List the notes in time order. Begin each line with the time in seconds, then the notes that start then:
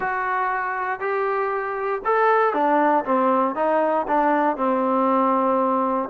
0.00 F#4
0.99 G4
2.05 A4
2.53 D4
3.05 C4
3.55 D#4
4.07 D4
4.56 C4